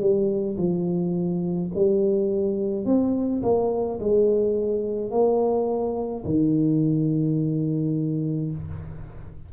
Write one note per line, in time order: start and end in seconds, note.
0.00 0.57 G3
0.57 1.70 F3
1.75 2.85 G3
2.85 3.42 C4
3.43 3.99 A#3
4.00 5.11 G#3
5.11 6.24 A#3
6.25 8.51 D#3